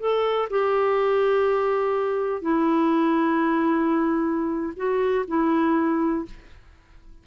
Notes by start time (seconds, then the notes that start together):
0.00 A4
0.50 G4
2.42 E4
4.76 F#4
5.28 E4